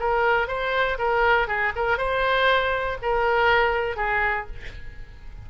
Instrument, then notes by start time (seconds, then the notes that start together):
oboe
0.00 A#4
0.48 C5
0.99 A#4
1.48 G#4
1.76 A#4
1.98 C5
3.02 A#4
3.97 G#4